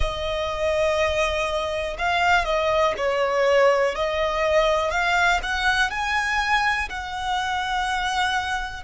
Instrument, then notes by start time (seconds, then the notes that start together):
violin
0.00 D#5
1.98 F5
2.44 D#5
2.97 C#5
3.95 D#5
4.90 F5
5.42 F#5
5.90 G#5
6.89 F#5